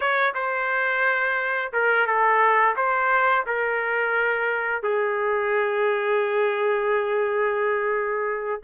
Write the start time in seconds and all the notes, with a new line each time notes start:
0.00 C#5
0.34 C5
1.72 A#4
2.06 A4
2.76 C5
3.46 A#4
4.82 G#4